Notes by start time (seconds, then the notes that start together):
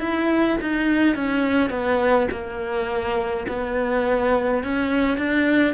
0.00 E4
0.61 D#4
1.15 C#4
1.70 B3
2.31 A#3
3.48 B3
4.64 C#4
5.18 D4